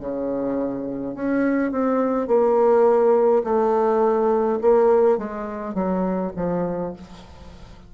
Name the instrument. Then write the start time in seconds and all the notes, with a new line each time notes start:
bassoon
0.00 C#3
1.15 C#4
1.72 C4
2.28 A#3
3.44 A3
4.62 A#3
5.18 G#3
5.74 F#3
6.36 F3